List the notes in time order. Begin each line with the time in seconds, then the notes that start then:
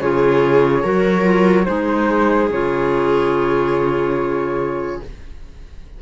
0.00 C#3 F4 G#4 C#5
0.82 F#3 F#4 A#4
1.23 F4
1.65 G#3 D#4 G#4 C5
2.50 C#3 F4 C#5